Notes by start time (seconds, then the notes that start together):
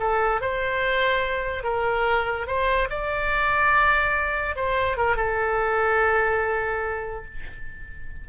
0.00 A4
0.41 C5
1.64 A#4
2.47 C5
2.90 D5
4.56 C5
4.98 A#4
5.16 A4